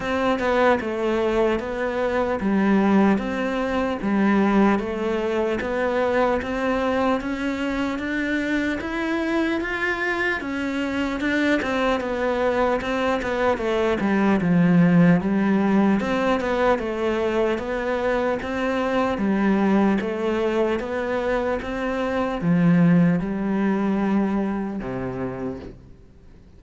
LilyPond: \new Staff \with { instrumentName = "cello" } { \time 4/4 \tempo 4 = 75 c'8 b8 a4 b4 g4 | c'4 g4 a4 b4 | c'4 cis'4 d'4 e'4 | f'4 cis'4 d'8 c'8 b4 |
c'8 b8 a8 g8 f4 g4 | c'8 b8 a4 b4 c'4 | g4 a4 b4 c'4 | f4 g2 c4 | }